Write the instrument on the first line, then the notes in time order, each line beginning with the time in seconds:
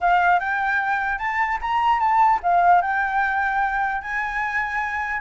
flute
0.00 F5
0.39 G5
1.18 A5
1.61 A#5
1.99 A5
2.42 F5
2.81 G5
4.01 G#5